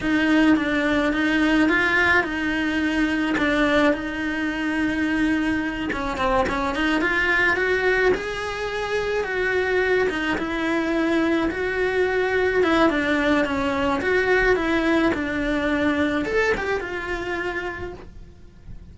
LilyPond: \new Staff \with { instrumentName = "cello" } { \time 4/4 \tempo 4 = 107 dis'4 d'4 dis'4 f'4 | dis'2 d'4 dis'4~ | dis'2~ dis'8 cis'8 c'8 cis'8 | dis'8 f'4 fis'4 gis'4.~ |
gis'8 fis'4. dis'8 e'4.~ | e'8 fis'2 e'8 d'4 | cis'4 fis'4 e'4 d'4~ | d'4 a'8 g'8 f'2 | }